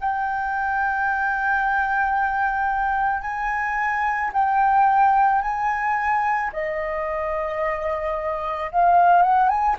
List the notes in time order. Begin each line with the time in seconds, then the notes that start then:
0.00 G5
3.21 G#5
4.33 G5
5.41 G#5
6.53 D#5
8.71 F5
9.22 F#5
9.49 G#5